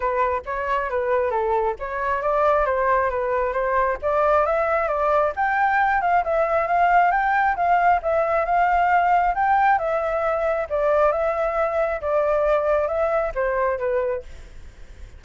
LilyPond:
\new Staff \with { instrumentName = "flute" } { \time 4/4 \tempo 4 = 135 b'4 cis''4 b'4 a'4 | cis''4 d''4 c''4 b'4 | c''4 d''4 e''4 d''4 | g''4. f''8 e''4 f''4 |
g''4 f''4 e''4 f''4~ | f''4 g''4 e''2 | d''4 e''2 d''4~ | d''4 e''4 c''4 b'4 | }